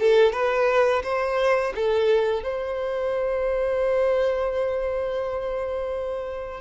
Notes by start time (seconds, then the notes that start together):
0.00 A4
0.32 B4
1.03 C5
1.75 A4
2.43 C5